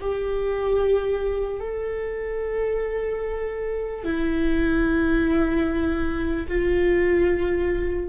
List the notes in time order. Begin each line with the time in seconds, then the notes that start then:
0.00 G4
1.60 A4
4.04 E4
6.48 F4